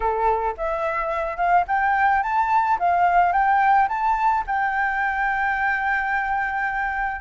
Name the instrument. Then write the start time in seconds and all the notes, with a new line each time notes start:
flute
0.00 A4
0.57 E5
1.36 F5
1.67 G5
2.22 A5
2.79 F5
3.32 G5
3.88 A5
4.46 G5